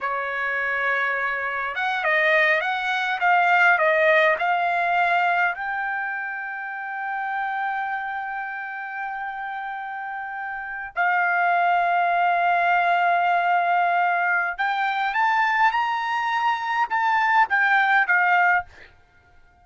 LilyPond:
\new Staff \with { instrumentName = "trumpet" } { \time 4/4 \tempo 4 = 103 cis''2. fis''8 dis''8~ | dis''8 fis''4 f''4 dis''4 f''8~ | f''4. g''2~ g''8~ | g''1~ |
g''2~ g''8. f''4~ f''16~ | f''1~ | f''4 g''4 a''4 ais''4~ | ais''4 a''4 g''4 f''4 | }